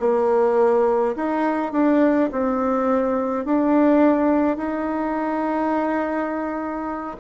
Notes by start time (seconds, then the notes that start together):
0.00 A#3
1.16 D#4
1.73 D4
2.32 C4
3.45 D4
4.57 D#4